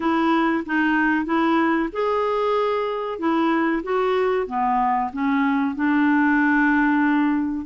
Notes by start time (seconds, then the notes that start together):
0.00 E4
0.66 D#4
1.25 E4
1.92 G#4
3.18 E4
3.83 F#4
4.47 B3
5.12 C#4
5.75 D4